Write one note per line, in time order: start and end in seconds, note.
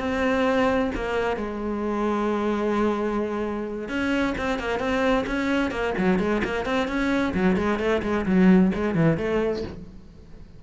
0.00 0.92 C4
0.95 1.37 A#3
1.37 3.89 G#3
3.89 4.35 C#4
4.38 4.59 C4
4.59 4.80 A#3
4.80 5.25 C4
5.27 5.71 C#4
5.71 5.94 A#3
5.98 6.19 F#3
6.19 6.42 G#3
6.45 6.66 A#3
6.66 6.88 C4
6.88 7.34 C#4
7.35 7.57 F#3
7.57 7.79 G#3
7.79 8.02 A3
8.03 8.26 G#3
8.26 8.72 F#3
8.75 8.95 G#3
8.95 9.18 E3
9.18 9.63 A3